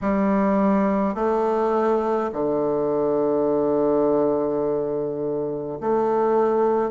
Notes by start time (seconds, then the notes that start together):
0.01 G3
1.14 A3
2.32 D3
5.80 A3